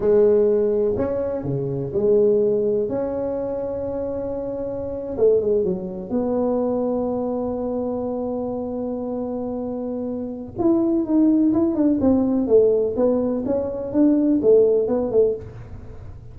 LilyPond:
\new Staff \with { instrumentName = "tuba" } { \time 4/4 \tempo 4 = 125 gis2 cis'4 cis4 | gis2 cis'2~ | cis'2~ cis'8. a8 gis8 fis16~ | fis8. b2.~ b16~ |
b1~ | b2 e'4 dis'4 | e'8 d'8 c'4 a4 b4 | cis'4 d'4 a4 b8 a8 | }